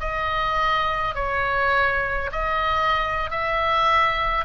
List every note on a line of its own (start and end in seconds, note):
0.00 1.15 D#5
1.15 2.31 C#5
2.32 3.30 D#5
3.30 4.45 E5